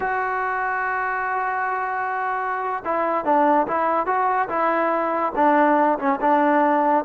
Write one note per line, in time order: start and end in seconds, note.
0.00 2.83 F#4
2.84 3.25 E4
3.25 3.67 D4
3.67 4.06 E4
4.06 4.48 F#4
4.48 5.32 E4
5.35 5.98 D4
5.98 6.19 C#4
6.20 7.04 D4